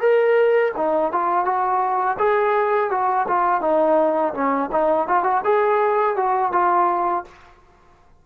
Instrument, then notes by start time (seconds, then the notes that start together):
trombone
0.00 A#4
0.77 D#4
1.12 F4
1.45 F#4
2.19 G#4
2.90 F#4
3.28 F4
3.61 D#4
4.34 C#4
4.72 D#4
5.08 F4
5.23 F#4
5.44 G#4
6.16 F#4
6.52 F4